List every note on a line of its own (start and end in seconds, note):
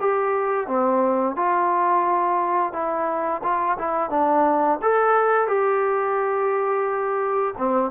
0.00 0.67 G4
0.67 1.36 C4
1.36 2.73 F4
2.73 3.42 E4
3.44 3.78 F4
3.79 4.10 E4
4.10 4.79 D4
4.82 5.48 A4
5.48 7.55 G4
7.58 7.92 C4